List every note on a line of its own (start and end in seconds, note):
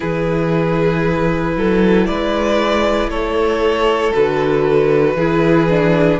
0.00 1.56 E3
0.00 4.13 E4
0.00 1.55 G#4
0.00 2.06 B4
1.56 2.08 F#3
1.56 2.08 A4
2.06 3.08 G#3
2.06 3.10 B4
2.06 3.09 D5
3.08 4.12 A3
3.08 5.16 A4
3.08 4.13 C#5
4.14 5.14 D3
4.14 5.18 F#4
4.14 6.19 B4
5.14 6.18 E3
5.14 5.70 E4
5.14 6.19 G#4
5.70 6.19 D4